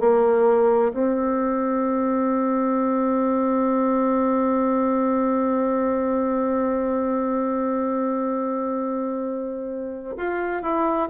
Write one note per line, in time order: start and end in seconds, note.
0.00 0.92 A#3
0.93 10.16 C4
10.17 10.62 F4
10.62 11.09 E4